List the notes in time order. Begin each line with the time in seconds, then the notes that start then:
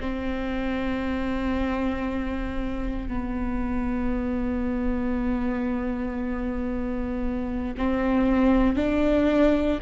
0.00 C4
3.08 B3
7.78 C4
8.76 D4